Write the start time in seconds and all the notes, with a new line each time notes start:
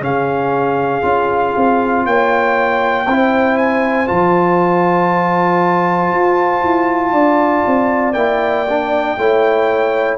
0.00 C#3 C#4 G#4 F5
1.02 C#4 F4
1.56 C4
2.06 A#3 C#5 G5
3.06 C4 E4 C5
3.57 G#5
4.07 F3 F4 A5
6.12 F4
6.63 E4
7.12 D4 D5
7.66 C4
8.13 A#3 E4 G5
8.69 D4
9.17 A3 E4 C#5